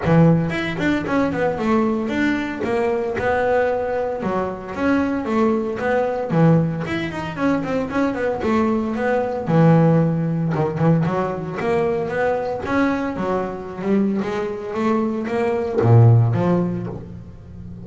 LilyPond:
\new Staff \with { instrumentName = "double bass" } { \time 4/4 \tempo 4 = 114 e4 e'8 d'8 cis'8 b8 a4 | d'4 ais4 b2 | fis4 cis'4 a4 b4 | e4 e'8 dis'8 cis'8 c'8 cis'8 b8 |
a4 b4 e2 | dis8 e8 fis4 ais4 b4 | cis'4 fis4~ fis16 g8. gis4 | a4 ais4 ais,4 f4 | }